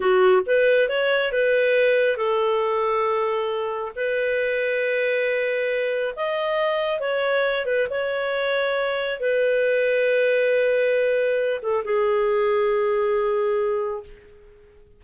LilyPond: \new Staff \with { instrumentName = "clarinet" } { \time 4/4 \tempo 4 = 137 fis'4 b'4 cis''4 b'4~ | b'4 a'2.~ | a'4 b'2.~ | b'2 dis''2 |
cis''4. b'8 cis''2~ | cis''4 b'2.~ | b'2~ b'8 a'8 gis'4~ | gis'1 | }